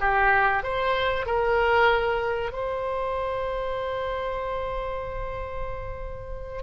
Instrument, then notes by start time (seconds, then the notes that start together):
oboe
0.00 G4
0.63 C5
1.26 A#4
2.52 C5